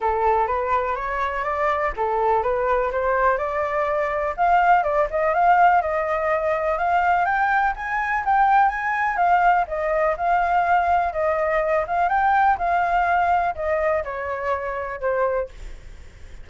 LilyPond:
\new Staff \with { instrumentName = "flute" } { \time 4/4 \tempo 4 = 124 a'4 b'4 cis''4 d''4 | a'4 b'4 c''4 d''4~ | d''4 f''4 d''8 dis''8 f''4 | dis''2 f''4 g''4 |
gis''4 g''4 gis''4 f''4 | dis''4 f''2 dis''4~ | dis''8 f''8 g''4 f''2 | dis''4 cis''2 c''4 | }